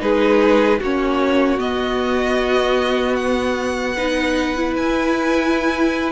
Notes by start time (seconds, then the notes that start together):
0.00 G#3 D#4 G#4 B4
0.80 A#3 C#4 F#4 C#5
1.59 B3 D#5
3.17 F#5
3.98 D#4 B4
4.57 E4
4.76 E4 G#5